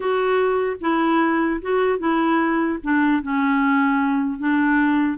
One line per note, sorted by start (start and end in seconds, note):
0.00 0.76 F#4
0.80 1.60 E4
1.61 1.98 F#4
1.98 2.78 E4
2.83 3.22 D4
3.22 4.38 C#4
4.38 5.18 D4